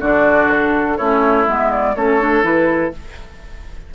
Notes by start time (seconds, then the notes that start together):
0.00 D3 D4 F#4 D5
0.50 A4
0.97 A3 C#4 E4 C#5
1.46 G#3 B3 E5
1.72 D5
1.95 A3 C#4 A4 C#5
2.20 D4
2.42 E3 E4 B4